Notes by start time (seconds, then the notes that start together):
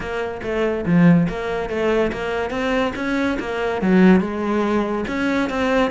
0.00 A#3
0.42 A3
0.85 F3
1.28 A#3
1.69 A3
2.12 A#3
2.50 C4
2.95 C#4
3.39 A#3
3.81 F#3
4.20 G#3
5.07 C#4
5.49 C4